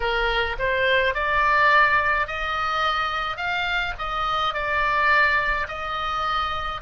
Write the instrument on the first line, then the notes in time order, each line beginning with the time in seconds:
oboe
0.00 A#4
0.58 C5
1.14 D5
2.26 D#5
3.37 F5
3.98 D#5
4.54 D5
5.68 D#5